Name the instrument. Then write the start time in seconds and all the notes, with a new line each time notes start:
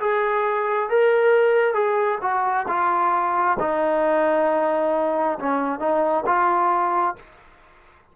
trombone
0.00 G#4
0.89 A#4
1.73 G#4
2.21 F#4
2.67 F4
3.59 D#4
5.39 C#4
5.79 D#4
6.26 F4